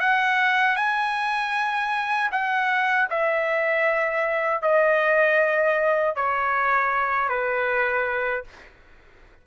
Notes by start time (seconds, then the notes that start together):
0.00 F#5
0.76 G#5
2.31 F#5
3.10 E5
4.62 D#5
6.15 C#5
7.29 B4